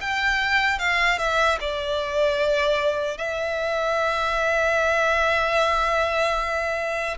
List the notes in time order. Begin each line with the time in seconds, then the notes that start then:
0.00 G5
0.79 F5
1.18 E5
1.60 D5
3.17 E5